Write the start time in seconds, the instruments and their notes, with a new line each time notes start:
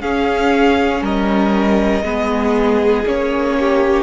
0.00 viola C#4, cello C#4, violin G#4 F5
1.01 cello G3, violin A#4 D#5
2.02 cello G#3, viola B3, violin G#4
3.06 cello A#3, viola C#4, violin C#5
3.59 violin G4